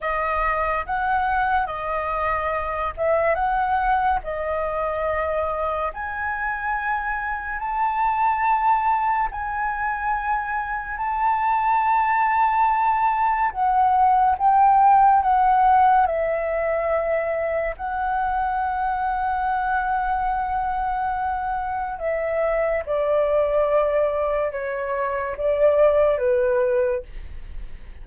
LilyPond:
\new Staff \with { instrumentName = "flute" } { \time 4/4 \tempo 4 = 71 dis''4 fis''4 dis''4. e''8 | fis''4 dis''2 gis''4~ | gis''4 a''2 gis''4~ | gis''4 a''2. |
fis''4 g''4 fis''4 e''4~ | e''4 fis''2.~ | fis''2 e''4 d''4~ | d''4 cis''4 d''4 b'4 | }